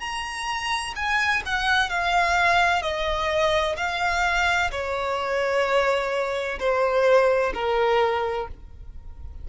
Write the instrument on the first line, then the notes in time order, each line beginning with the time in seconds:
violin
0.00 A#5
0.95 G#5
1.45 F#5
1.90 F5
2.82 D#5
3.77 F5
4.71 C#5
6.59 C5
7.54 A#4